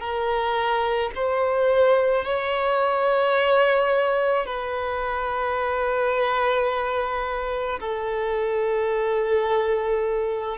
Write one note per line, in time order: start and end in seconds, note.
0.00 1.11 A#4
1.15 2.25 C5
2.25 4.46 C#5
4.46 7.79 B4
7.80 10.58 A4